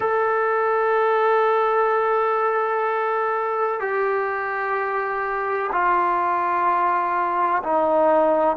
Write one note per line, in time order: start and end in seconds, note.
0.00 3.80 A4
3.80 5.70 G4
5.71 7.62 F4
7.63 8.56 D#4